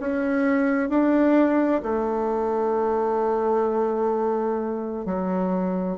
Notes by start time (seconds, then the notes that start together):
0.00 C#4
0.89 D4
1.83 A3
5.06 F#3